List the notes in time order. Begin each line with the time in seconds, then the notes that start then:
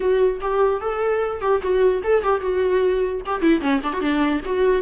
0.00 F#4
0.40 G4
0.80 A4
1.41 G4
1.62 F#4
2.03 A4
2.23 G4
2.40 F#4
3.26 G4
3.41 E4
3.60 C#4
3.83 D4
3.93 F#4
4.00 D4
4.45 F#4